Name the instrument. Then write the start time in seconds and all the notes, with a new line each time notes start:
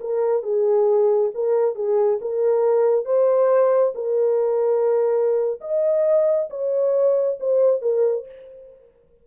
horn
0.00 A#4
0.43 G#4
1.34 A#4
1.75 G#4
2.21 A#4
3.05 C5
3.95 A#4
5.60 D#5
6.50 C#5
7.40 C5
7.81 A#4